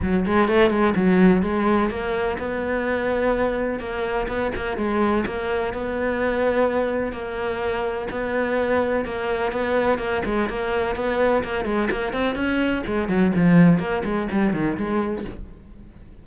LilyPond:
\new Staff \with { instrumentName = "cello" } { \time 4/4 \tempo 4 = 126 fis8 gis8 a8 gis8 fis4 gis4 | ais4 b2. | ais4 b8 ais8 gis4 ais4 | b2. ais4~ |
ais4 b2 ais4 | b4 ais8 gis8 ais4 b4 | ais8 gis8 ais8 c'8 cis'4 gis8 fis8 | f4 ais8 gis8 g8 dis8 gis4 | }